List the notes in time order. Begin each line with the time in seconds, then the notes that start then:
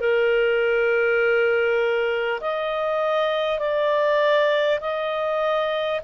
0.00 A#4
2.40 D#5
3.59 D5
4.80 D#5